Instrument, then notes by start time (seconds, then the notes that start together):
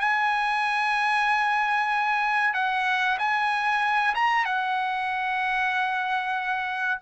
trumpet
0.00 G#5
2.54 F#5
3.18 G#5
4.15 A#5
4.45 F#5